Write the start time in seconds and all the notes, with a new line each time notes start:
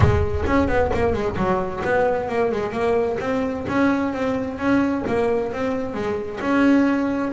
0.00 G#3
0.46 C#4
0.67 B3
0.93 A#3
1.13 G#3
1.36 F#3
1.84 B3
2.28 A#3
2.51 G#3
2.71 A#3
3.20 C4
3.68 C#4
4.13 C4
4.58 C#4
5.07 A#3
5.53 C4
5.94 G#3
6.41 C#4